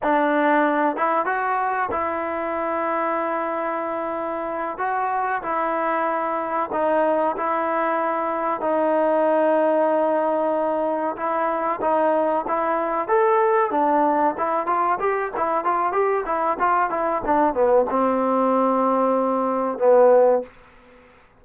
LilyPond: \new Staff \with { instrumentName = "trombone" } { \time 4/4 \tempo 4 = 94 d'4. e'8 fis'4 e'4~ | e'2.~ e'8 fis'8~ | fis'8 e'2 dis'4 e'8~ | e'4. dis'2~ dis'8~ |
dis'4. e'4 dis'4 e'8~ | e'8 a'4 d'4 e'8 f'8 g'8 | e'8 f'8 g'8 e'8 f'8 e'8 d'8 b8 | c'2. b4 | }